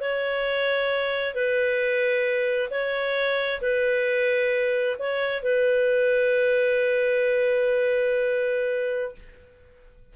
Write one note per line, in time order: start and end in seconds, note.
0.00 1.34 C#5
1.34 2.69 B4
2.70 3.60 C#5
3.61 4.96 B4
4.98 5.42 C#5
5.42 9.15 B4